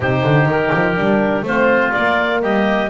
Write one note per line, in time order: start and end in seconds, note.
0.00 0.23 C3
0.00 0.96 D#4
0.00 1.45 G4
0.00 0.50 C5
0.23 0.46 D3
0.46 0.70 D#3
0.46 1.45 A#4
0.74 0.96 F3
0.96 1.42 G3
0.96 1.45 D4
1.42 1.90 A3
1.42 1.94 C4
1.42 2.41 F4
1.42 1.92 C5
1.92 2.90 A#3
1.92 2.42 A#3
1.92 2.40 D5
2.41 2.90 G3
2.41 2.89 G4
2.41 2.90 D#5